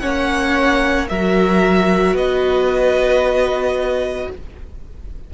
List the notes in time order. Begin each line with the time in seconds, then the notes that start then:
0.00 A#3 C#4 C#5 F#5
1.09 F#3 F#4 A#4 E5
2.13 B3 B4 D#5